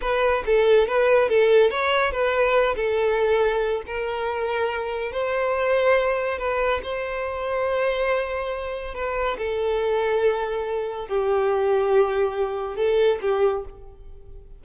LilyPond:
\new Staff \with { instrumentName = "violin" } { \time 4/4 \tempo 4 = 141 b'4 a'4 b'4 a'4 | cis''4 b'4. a'4.~ | a'4 ais'2. | c''2. b'4 |
c''1~ | c''4 b'4 a'2~ | a'2 g'2~ | g'2 a'4 g'4 | }